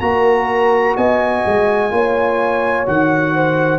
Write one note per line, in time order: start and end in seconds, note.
0.00 0.95 A#3
0.00 1.90 F#4
0.00 0.97 A#4
0.00 0.95 A#5
0.96 1.44 B3
0.96 1.92 D#5
0.96 2.87 G#5
1.46 1.90 G#3
1.90 2.86 A#3
1.90 2.86 F4
1.90 3.34 C#5
2.86 3.78 D#3
2.86 3.78 F#4
2.86 3.78 F#5
3.34 3.78 C5